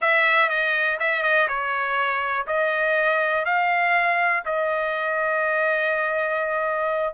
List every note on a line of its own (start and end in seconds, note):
0.01 0.49 E5
0.49 0.98 D#5
0.99 1.23 E5
1.23 1.47 D#5
1.48 2.46 C#5
2.46 3.45 D#5
3.45 4.43 F5
4.45 7.14 D#5